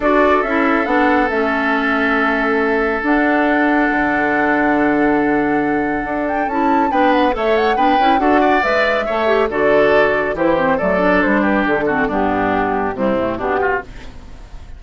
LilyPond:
<<
  \new Staff \with { instrumentName = "flute" } { \time 4/4 \tempo 4 = 139 d''4 e''4 fis''4 e''4~ | e''2. fis''4~ | fis''1~ | fis''2~ fis''8 g''8 a''4 |
g''8 fis''8 e''8 fis''8 g''4 fis''4 | e''2 d''2 | c''4 d''4 c''8 b'8 a'4 | g'2 e'4 g'4 | }
  \new Staff \with { instrumentName = "oboe" } { \time 4/4 a'1~ | a'1~ | a'1~ | a'1 |
b'4 cis''4 b'4 a'8 d''8~ | d''4 cis''4 a'2 | g'4 a'4. g'4 fis'8 | d'2 c'4 d'8 f'8 | }
  \new Staff \with { instrumentName = "clarinet" } { \time 4/4 fis'4 e'4 d'4 cis'4~ | cis'2. d'4~ | d'1~ | d'2. e'4 |
d'4 a'4 d'8 e'8 fis'4 | b'4 a'8 g'8 fis'2 | e'8 c'8 a8 d'2 c'8 | b2 g8 a8 b4 | }
  \new Staff \with { instrumentName = "bassoon" } { \time 4/4 d'4 cis'4 b4 a4~ | a2. d'4~ | d'4 d2.~ | d2 d'4 cis'4 |
b4 a4 b8 cis'8 d'4 | gis4 a4 d2 | e4 fis4 g4 d4 | g,2 c4 b,4 | }
>>